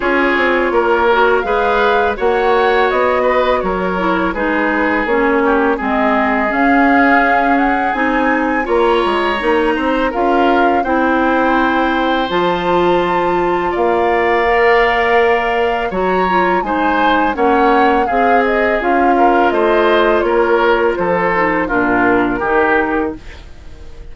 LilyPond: <<
  \new Staff \with { instrumentName = "flute" } { \time 4/4 \tempo 4 = 83 cis''2 f''4 fis''4 | dis''4 cis''4 b'4 cis''4 | dis''4 f''4. fis''8 gis''4 | ais''2 f''4 g''4~ |
g''4 a''2 f''4~ | f''2 ais''4 gis''4 | fis''4 f''8 dis''8 f''4 dis''4 | cis''4 c''4 ais'2 | }
  \new Staff \with { instrumentName = "oboe" } { \time 4/4 gis'4 ais'4 b'4 cis''4~ | cis''8 b'8 ais'4 gis'4. g'8 | gis'1 | cis''4. c''8 ais'4 c''4~ |
c''2. d''4~ | d''2 cis''4 c''4 | cis''4 gis'4. ais'8 c''4 | ais'4 a'4 f'4 g'4 | }
  \new Staff \with { instrumentName = "clarinet" } { \time 4/4 f'4. fis'8 gis'4 fis'4~ | fis'4. e'8 dis'4 cis'4 | c'4 cis'2 dis'4 | f'4 dis'4 f'4 e'4~ |
e'4 f'2. | ais'2 fis'8 f'8 dis'4 | cis'4 gis'4 f'2~ | f'4. dis'8 d'4 dis'4 | }
  \new Staff \with { instrumentName = "bassoon" } { \time 4/4 cis'8 c'8 ais4 gis4 ais4 | b4 fis4 gis4 ais4 | gis4 cis'2 c'4 | ais8 gis8 ais8 c'8 cis'4 c'4~ |
c'4 f2 ais4~ | ais2 fis4 gis4 | ais4 c'4 cis'4 a4 | ais4 f4 ais,4 dis4 | }
>>